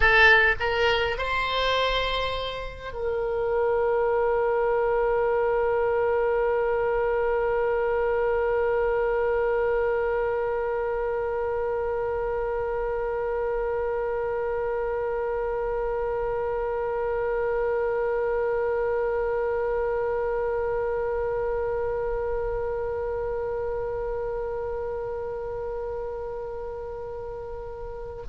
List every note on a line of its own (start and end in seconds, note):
0.00 0.55 A4
0.59 1.18 A#4
1.18 2.93 C5
2.93 28.22 A#4